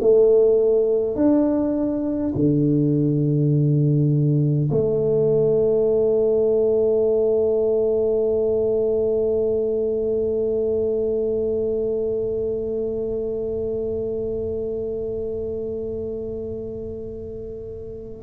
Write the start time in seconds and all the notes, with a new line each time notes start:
0.00 A3
1.16 D4
2.34 D3
4.71 A3